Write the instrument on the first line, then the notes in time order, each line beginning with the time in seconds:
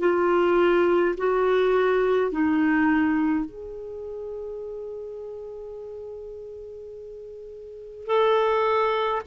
clarinet
0.00 F4
1.18 F#4
2.32 D#4
3.46 G#4
8.07 A4